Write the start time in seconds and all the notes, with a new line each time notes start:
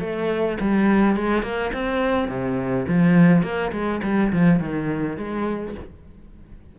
0.00 A3
0.60 G3
1.17 G#3
1.42 A#3
1.73 C4
2.28 C3
2.88 F3
3.43 A#3
3.72 G#3
4.03 G3
4.32 F3
4.60 D#3
5.17 G#3